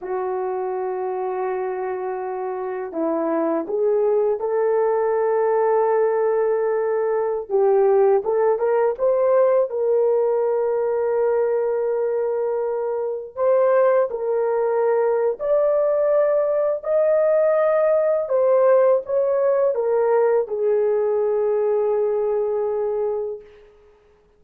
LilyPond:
\new Staff \with { instrumentName = "horn" } { \time 4/4 \tempo 4 = 82 fis'1 | e'4 gis'4 a'2~ | a'2~ a'16 g'4 a'8 ais'16~ | ais'16 c''4 ais'2~ ais'8.~ |
ais'2~ ais'16 c''4 ais'8.~ | ais'4 d''2 dis''4~ | dis''4 c''4 cis''4 ais'4 | gis'1 | }